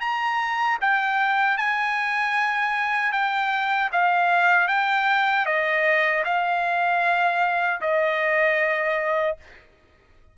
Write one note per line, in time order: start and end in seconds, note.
0.00 0.78 A#5
0.81 1.57 G5
1.57 3.12 G#5
3.12 3.90 G5
3.92 4.68 F5
4.68 5.45 G5
5.46 6.24 D#5
6.24 7.80 F5
7.81 9.37 D#5